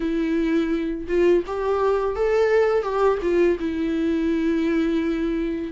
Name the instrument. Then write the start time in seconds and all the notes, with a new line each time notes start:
viola
0.00 E4
1.07 F4
1.46 G4
2.15 A4
2.82 G4
3.22 F4
3.59 E4